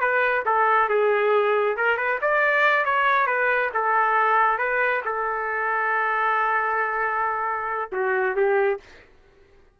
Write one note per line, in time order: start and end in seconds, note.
0.00 0.44 B4
0.45 0.89 A4
0.89 1.76 G#4
1.76 1.97 A#4
1.97 2.19 B4
2.21 2.85 D5
2.85 3.26 C#5
3.26 3.70 B4
3.73 4.58 A4
4.58 5.02 B4
5.05 7.90 A4
7.92 8.36 F#4
8.36 8.79 G4